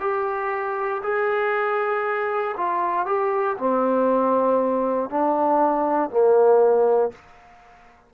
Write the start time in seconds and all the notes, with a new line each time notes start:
0.00 G4
1.03 G#4
2.57 F4
3.06 G4
3.57 C4
5.09 D4
6.10 A#3